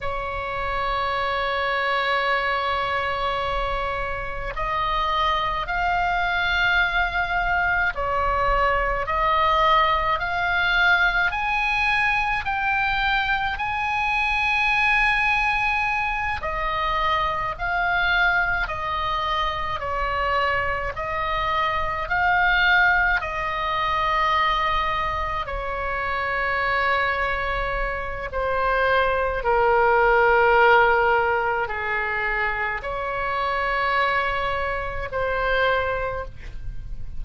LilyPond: \new Staff \with { instrumentName = "oboe" } { \time 4/4 \tempo 4 = 53 cis''1 | dis''4 f''2 cis''4 | dis''4 f''4 gis''4 g''4 | gis''2~ gis''8 dis''4 f''8~ |
f''8 dis''4 cis''4 dis''4 f''8~ | f''8 dis''2 cis''4.~ | cis''4 c''4 ais'2 | gis'4 cis''2 c''4 | }